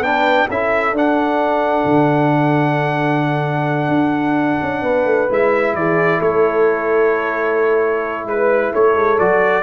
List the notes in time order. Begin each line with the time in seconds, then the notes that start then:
0.00 B3 D4 B4 G5
0.48 C#4 E4 A4 E5
0.93 D4 F#5
1.85 D3
3.89 D4
4.62 C#4
4.83 B3 B4
5.05 A3
5.30 G#3 E4 E5
5.74 E3 G#4 D5
6.19 A3 A4 C#5
8.26 G#3 B4
8.73 A3 A4 C#5
8.95 G#3
9.19 F#3 F#4 D5